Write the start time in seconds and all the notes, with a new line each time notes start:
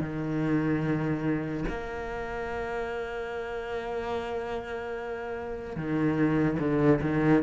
0.00 D#3
1.68 A#3
5.76 D#3
6.59 D3
7.01 D#3